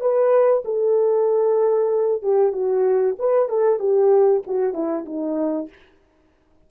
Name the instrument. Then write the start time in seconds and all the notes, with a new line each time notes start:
horn
0.00 B4
0.65 A4
2.22 G4
2.52 F#4
3.19 B4
3.49 A4
3.79 G4
4.47 F#4
4.73 E4
5.05 D#4